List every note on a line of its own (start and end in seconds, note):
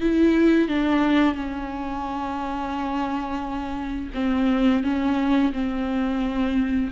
0.00 0.68 E4
0.68 1.34 D4
1.34 4.10 C#4
4.14 4.83 C4
4.83 5.52 C#4
5.52 6.90 C4